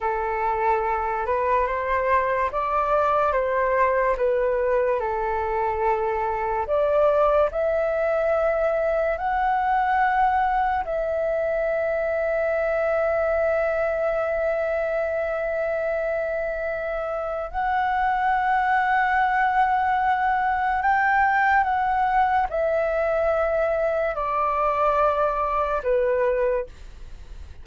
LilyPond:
\new Staff \with { instrumentName = "flute" } { \time 4/4 \tempo 4 = 72 a'4. b'8 c''4 d''4 | c''4 b'4 a'2 | d''4 e''2 fis''4~ | fis''4 e''2.~ |
e''1~ | e''4 fis''2.~ | fis''4 g''4 fis''4 e''4~ | e''4 d''2 b'4 | }